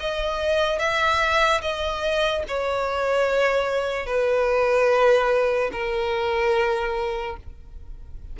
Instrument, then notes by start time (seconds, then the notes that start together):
violin
0.00 D#5
0.79 E5
1.62 D#5
2.48 C#5
4.07 B4
5.73 A#4